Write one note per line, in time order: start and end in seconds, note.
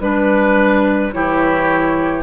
0.00 1.11 G3
0.00 1.12 D4
0.00 1.12 B4
0.00 1.14 B4
1.12 2.24 E3
1.12 2.24 E4
1.12 2.24 G4
1.12 2.23 C#5